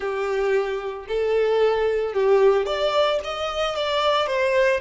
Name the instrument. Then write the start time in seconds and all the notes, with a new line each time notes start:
violin
0.00 G4
1.08 A4
2.13 G4
2.66 D5
3.24 D#5
3.75 D5
4.26 C5